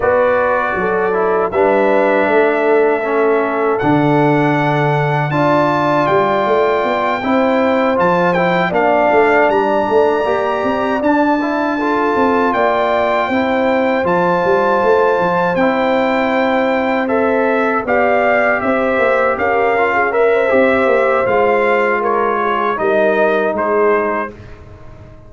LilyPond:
<<
  \new Staff \with { instrumentName = "trumpet" } { \time 4/4 \tempo 4 = 79 d''2 e''2~ | e''4 fis''2 a''4 | g''2~ g''8 a''8 g''8 f''8~ | f''8 ais''2 a''4.~ |
a''8 g''2 a''4.~ | a''8 g''2 e''4 f''8~ | f''8 e''4 f''4 e''4. | f''4 cis''4 dis''4 c''4 | }
  \new Staff \with { instrumentName = "horn" } { \time 4/4 b'4 a'4 b'4 a'4~ | a'2. d''4~ | d''4. c''2 d''8~ | d''2.~ d''8 a'8~ |
a'8 d''4 c''2~ c''8~ | c''2.~ c''8 d''8~ | d''8 c''4 ais'8. gis'16 ais'16 c''4~ c''16~ | c''4 ais'8 gis'8 ais'4 gis'4 | }
  \new Staff \with { instrumentName = "trombone" } { \time 4/4 fis'4. e'8 d'2 | cis'4 d'2 f'4~ | f'4. e'4 f'8 e'8 d'8~ | d'4. g'4 d'8 e'8 f'8~ |
f'4. e'4 f'4.~ | f'8 e'2 a'4 g'8~ | g'2 f'8 ais'8 g'4 | f'2 dis'2 | }
  \new Staff \with { instrumentName = "tuba" } { \time 4/4 b4 fis4 g4 a4~ | a4 d2 d'4 | g8 a8 b8 c'4 f4 ais8 | a8 g8 a8 ais8 c'8 d'4. |
c'8 ais4 c'4 f8 g8 a8 | f8 c'2. b8~ | b8 c'8 ais8 cis'4. c'8 ais8 | gis2 g4 gis4 | }
>>